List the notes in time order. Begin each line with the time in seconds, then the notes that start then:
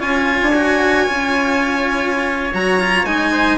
0.00 C#4 F4 C#5 G#5
0.42 D4
0.55 F#4
1.07 C#4 F4
2.54 F#3 F#4 A#5
2.80 F4
3.05 G#3 D#4 G#5
3.32 C5